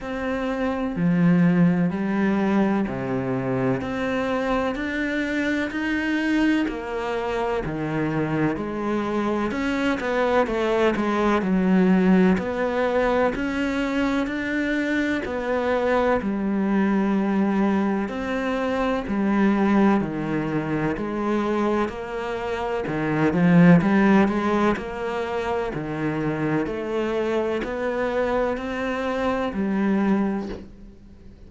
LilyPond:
\new Staff \with { instrumentName = "cello" } { \time 4/4 \tempo 4 = 63 c'4 f4 g4 c4 | c'4 d'4 dis'4 ais4 | dis4 gis4 cis'8 b8 a8 gis8 | fis4 b4 cis'4 d'4 |
b4 g2 c'4 | g4 dis4 gis4 ais4 | dis8 f8 g8 gis8 ais4 dis4 | a4 b4 c'4 g4 | }